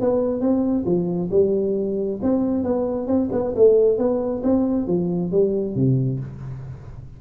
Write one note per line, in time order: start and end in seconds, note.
0.00 0.40 B3
0.40 0.84 C4
0.85 1.29 F3
1.31 2.19 G3
2.22 2.63 C4
2.63 3.07 B3
3.07 3.29 C4
3.32 3.54 B3
3.56 3.98 A3
3.98 4.42 B3
4.43 4.87 C4
4.87 5.31 F3
5.31 5.75 G3
5.75 6.19 C3